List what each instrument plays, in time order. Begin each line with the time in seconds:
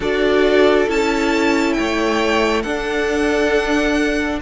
0.00 cello D4, viola F#4, violin A4 D5
0.88 cello C#4, viola E4, violin A5
1.73 cello A3, violin C#5 G5
2.62 cello D4, viola D4, violin A4 F#5